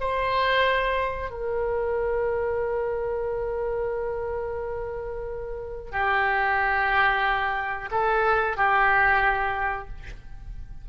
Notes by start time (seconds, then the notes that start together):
0.00 C5
1.31 A#4
5.92 G4
7.91 A4
8.57 G4